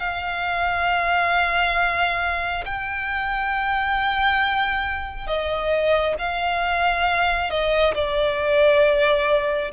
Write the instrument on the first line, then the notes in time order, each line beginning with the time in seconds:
violin
0.00 F5
2.66 G5
5.27 D#5
6.19 F5
7.50 D#5
7.95 D5